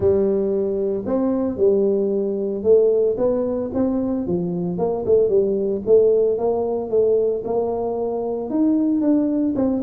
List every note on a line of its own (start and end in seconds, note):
0.00 1.04 G3
1.06 1.57 C4
1.57 2.63 G3
2.63 3.16 A3
3.17 3.70 B3
3.74 4.26 C4
4.26 4.77 F3
4.77 5.04 A#3
5.05 5.28 A3
5.28 5.81 G3
5.86 6.37 A3
6.37 6.90 A#3
6.90 7.43 A3
7.44 8.50 A#3
8.50 9.01 D#4
9.01 9.54 D4
9.55 9.82 C4